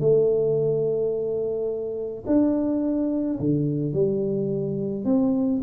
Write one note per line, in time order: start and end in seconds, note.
0.00 2.24 A3
2.27 3.39 D4
3.40 3.94 D3
3.94 5.05 G3
5.05 5.61 C4